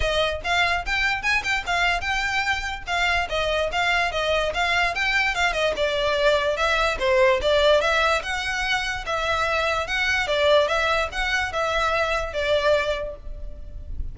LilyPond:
\new Staff \with { instrumentName = "violin" } { \time 4/4 \tempo 4 = 146 dis''4 f''4 g''4 gis''8 g''8 | f''4 g''2 f''4 | dis''4 f''4 dis''4 f''4 | g''4 f''8 dis''8 d''2 |
e''4 c''4 d''4 e''4 | fis''2 e''2 | fis''4 d''4 e''4 fis''4 | e''2 d''2 | }